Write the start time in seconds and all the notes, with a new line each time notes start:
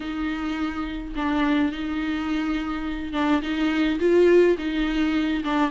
0.00 D#4
1.15 D4
1.71 D#4
3.12 D4
3.42 D#4
3.99 F4
4.58 D#4
5.44 D4